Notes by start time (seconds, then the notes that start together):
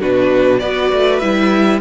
0.00 B2 D4 F#4 B4
0.59 B3 F#4 B4 D5
0.92 A3
1.19 G3 E4 E5